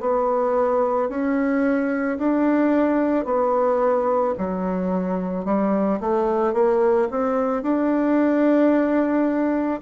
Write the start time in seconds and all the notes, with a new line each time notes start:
0.00 B3
1.09 C#4
2.18 D4
3.25 B3
4.38 F#3
5.45 G3
6.00 A3
6.54 A#3
7.11 C4
7.63 D4